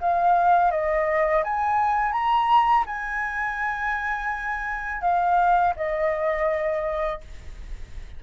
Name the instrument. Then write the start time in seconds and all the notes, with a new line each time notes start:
flute
0.00 F5
0.71 D#5
1.44 G#5
2.12 A#5
2.86 G#5
5.01 F5
5.76 D#5